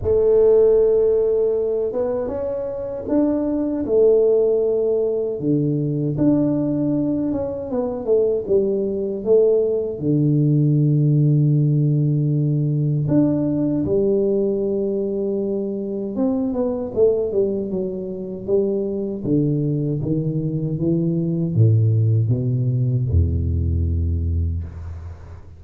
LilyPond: \new Staff \with { instrumentName = "tuba" } { \time 4/4 \tempo 4 = 78 a2~ a8 b8 cis'4 | d'4 a2 d4 | d'4. cis'8 b8 a8 g4 | a4 d2.~ |
d4 d'4 g2~ | g4 c'8 b8 a8 g8 fis4 | g4 d4 dis4 e4 | a,4 b,4 e,2 | }